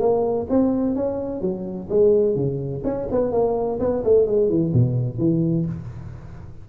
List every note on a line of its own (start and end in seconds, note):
0.00 0.47 A#3
0.50 0.96 C4
0.96 1.42 C#4
1.42 1.89 F#3
1.90 2.36 G#3
2.36 2.83 C#3
2.84 3.08 C#4
3.12 3.32 B3
3.32 3.79 A#3
3.80 4.04 B3
4.04 4.27 A3
4.27 4.49 G#3
4.49 4.73 E3
4.74 5.19 B2
5.19 5.66 E3